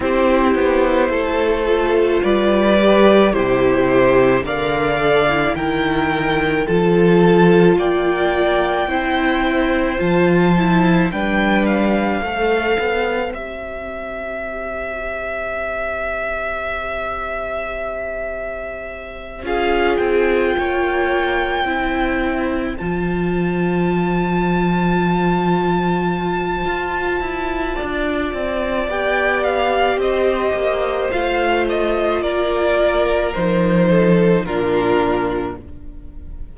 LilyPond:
<<
  \new Staff \with { instrumentName = "violin" } { \time 4/4 \tempo 4 = 54 c''2 d''4 c''4 | f''4 g''4 a''4 g''4~ | g''4 a''4 g''8 f''4. | e''1~ |
e''4. f''8 g''2~ | g''8 a''2.~ a''8~ | a''2 g''8 f''8 dis''4 | f''8 dis''8 d''4 c''4 ais'4 | }
  \new Staff \with { instrumentName = "violin" } { \time 4/4 g'4 a'4 b'4 g'4 | d''4 ais'4 a'4 d''4 | c''2 b'4 c''4~ | c''1~ |
c''4. gis'4 cis''4 c''8~ | c''1~ | c''4 d''2 c''4~ | c''4 ais'4. a'8 f'4 | }
  \new Staff \with { instrumentName = "viola" } { \time 4/4 e'4. f'4 g'8 e'4 | ais'8 a'16 e'4~ e'16 f'2 | e'4 f'8 e'8 d'4 a'4 | g'1~ |
g'4. f'2 e'8~ | e'8 f'2.~ f'8~ | f'2 g'2 | f'2 dis'4 d'4 | }
  \new Staff \with { instrumentName = "cello" } { \time 4/4 c'8 b8 a4 g4 c4 | d4 dis4 f4 ais4 | c'4 f4 g4 a8 b8 | c'1~ |
c'4. cis'8 c'8 ais4 c'8~ | c'8 f2.~ f8 | f'8 e'8 d'8 c'8 b4 c'8 ais8 | a4 ais4 f4 ais,4 | }
>>